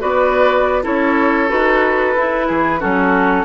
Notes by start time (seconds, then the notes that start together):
0.00 B3 F#4 B4 D5
0.82 C#4 E4 A4 C#5
1.48 D#4 F#4 B4
2.16 E4
2.47 E3 G#4
2.79 F#3 C#4 F#4 A4